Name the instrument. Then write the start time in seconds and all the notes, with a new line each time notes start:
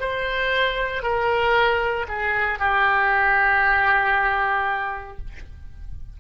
oboe
0.00 C5
1.03 A#4
2.08 G#4
2.59 G4